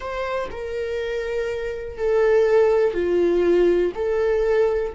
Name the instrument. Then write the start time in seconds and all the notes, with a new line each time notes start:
viola
0.00 C5
0.50 A#4
1.97 A4
2.93 F4
3.94 A4